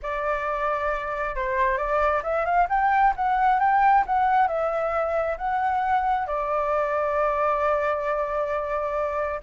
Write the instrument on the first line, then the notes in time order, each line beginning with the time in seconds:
flute
0.02 D5
1.35 C5
1.77 D5
2.23 E5
2.45 F5
2.69 G5
3.16 F#5
3.59 G5
4.06 F#5
4.47 E5
5.37 F#5
6.26 D5